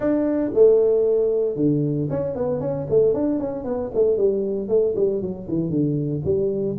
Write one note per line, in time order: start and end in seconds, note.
0.00 0.51 D4
0.54 1.56 A3
1.56 2.08 D3
2.09 2.35 C#4
2.35 2.60 B3
2.60 2.86 C#4
2.89 3.13 A3
3.13 3.39 D4
3.39 3.64 C#4
3.64 3.90 B3
3.94 4.17 A3
4.17 4.68 G3
4.68 4.94 A3
4.95 5.21 G3
5.21 5.47 F#3
5.48 5.70 E3
5.70 6.22 D3
6.24 6.77 G3